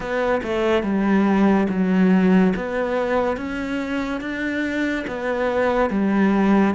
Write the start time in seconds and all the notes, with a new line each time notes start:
0.00 B3
0.43 A3
0.82 G3
1.69 F#3
2.56 B3
3.36 C#4
4.20 D4
5.07 B3
5.89 G3